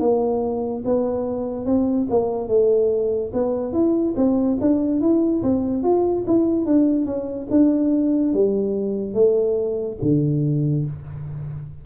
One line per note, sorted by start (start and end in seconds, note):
0.00 0.83 A#3
0.85 1.66 B3
1.66 2.08 C4
2.10 2.48 A#3
2.48 3.32 A3
3.33 3.73 B3
3.73 4.15 E4
4.17 4.58 C4
4.61 5.01 D4
5.01 5.42 E4
5.43 5.83 C4
5.83 6.25 F4
6.27 6.66 E4
6.66 7.06 D4
7.06 7.47 C#4
7.51 8.34 D4
8.34 9.14 G3
9.14 9.98 A3
10.02 10.86 D3